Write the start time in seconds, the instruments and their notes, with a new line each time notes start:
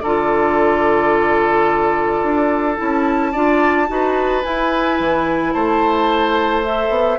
0.00 bassoon D3, oboe A4, flute D5
0.06 clarinet F4
2.23 bassoon D4
2.77 bassoon C#4, clarinet E4, flute A5
3.32 bassoon D4, clarinet F4, oboe D5
3.88 bassoon D#4, clarinet F#4, oboe B4
4.43 clarinet E4, bassoon E4, flute G#5
5.00 bassoon E3
5.53 bassoon A3, oboe C5, flute A5
6.65 clarinet A4, flute E5
6.90 bassoon B3